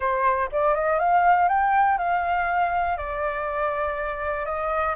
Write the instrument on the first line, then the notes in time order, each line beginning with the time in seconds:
flute
0.00 C5
0.52 D5
0.74 D#5
0.99 F5
1.48 G5
1.97 F5
2.97 D5
4.45 D#5